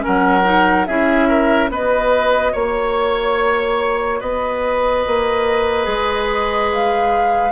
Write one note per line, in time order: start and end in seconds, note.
0.00 0.42 C#4
0.00 0.87 A#4
0.00 0.86 F#5
0.07 0.88 F#3
0.44 0.86 D#4
0.86 1.69 C#4
0.86 1.69 E4
0.86 1.28 G#4
0.86 1.69 E5
1.28 1.70 A#4
1.69 2.53 B3
1.69 5.83 F#4
1.69 2.52 B4
1.69 2.54 D#5
2.52 4.21 A#3
2.52 4.19 C#5
2.52 4.21 C#5
4.20 5.04 B3
4.20 7.52 B4
4.20 6.71 D#5
5.07 5.87 A#3
5.83 7.52 G#3
5.83 7.50 G#4
6.72 7.52 F5